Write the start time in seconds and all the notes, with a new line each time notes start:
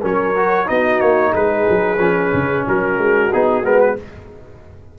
0.00 F#3 C#4 A#4 C#5
0.36 F#4
0.66 B3 D#4 F#4 D#5
1.00 A#3 C#5
1.31 G#3 G#4 B4
1.69 F#3
1.98 F3 C#4
2.33 C#3
2.66 F#3 F#4 A#4
2.98 G#3
3.32 B3 D#4 G#4
3.62 G#3 B3 A#4
3.80 B4